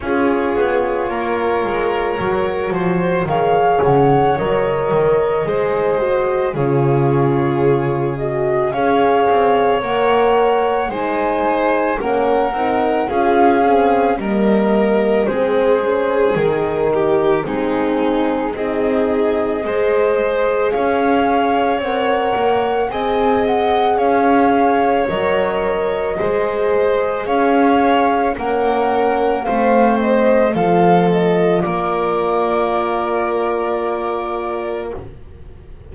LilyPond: <<
  \new Staff \with { instrumentName = "flute" } { \time 4/4 \tempo 4 = 55 cis''2. f''8 fis''8 | dis''2 cis''4. dis''8 | f''4 fis''4 gis''4 fis''4 | f''4 dis''4 c''4 ais'4 |
gis'4 dis''2 f''4 | fis''4 gis''8 fis''8 f''4 dis''4~ | dis''4 f''4 fis''4 f''8 dis''8 | f''8 dis''8 d''2. | }
  \new Staff \with { instrumentName = "violin" } { \time 4/4 gis'4 ais'4. c''8 cis''4~ | cis''4 c''4 gis'2 | cis''2 c''4 ais'4 | gis'4 ais'4 gis'4. g'8 |
dis'4 gis'4 c''4 cis''4~ | cis''4 dis''4 cis''2 | c''4 cis''4 ais'4 c''4 | a'4 ais'2. | }
  \new Staff \with { instrumentName = "horn" } { \time 4/4 f'2 fis'4 gis'4 | ais'4 gis'8 fis'8 f'4. fis'8 | gis'4 ais'4 dis'4 cis'8 dis'8 | f'8 c'8 ais4 c'8 cis'8 dis'4 |
c'4 dis'4 gis'2 | ais'4 gis'2 ais'4 | gis'2 cis'4 c'4 | f'1 | }
  \new Staff \with { instrumentName = "double bass" } { \time 4/4 cis'8 b8 ais8 gis8 fis8 f8 dis8 cis8 | fis8 dis8 gis4 cis2 | cis'8 c'8 ais4 gis4 ais8 c'8 | cis'4 g4 gis4 dis4 |
gis4 c'4 gis4 cis'4 | c'8 ais8 c'4 cis'4 fis4 | gis4 cis'4 ais4 a4 | f4 ais2. | }
>>